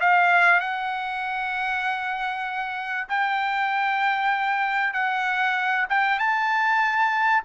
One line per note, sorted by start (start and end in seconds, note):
0.00 0.60 F5
0.60 3.07 F#5
3.08 4.93 G5
4.93 5.86 F#5
5.89 6.19 G5
6.19 7.43 A5